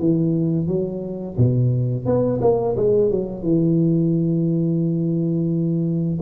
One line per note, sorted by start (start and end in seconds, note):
0.00 0.68 E3
0.68 1.37 F#3
1.38 2.06 B2
2.06 2.40 B3
2.42 2.76 A#3
2.77 3.11 G#3
3.11 3.44 F#3
3.44 6.19 E3